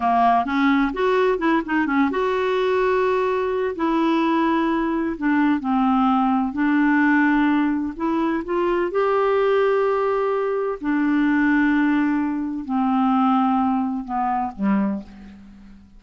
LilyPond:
\new Staff \with { instrumentName = "clarinet" } { \time 4/4 \tempo 4 = 128 ais4 cis'4 fis'4 e'8 dis'8 | cis'8 fis'2.~ fis'8 | e'2. d'4 | c'2 d'2~ |
d'4 e'4 f'4 g'4~ | g'2. d'4~ | d'2. c'4~ | c'2 b4 g4 | }